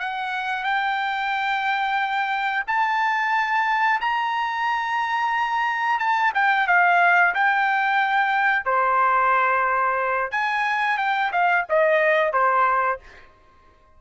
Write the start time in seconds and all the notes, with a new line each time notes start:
0.00 F#5
0.64 G5
2.67 A5
4.01 A#5
5.99 A5
6.35 G5
6.68 F5
7.35 G5
8.65 C5
10.32 G#5
10.98 G5
11.32 F5
11.69 D#5
12.33 C5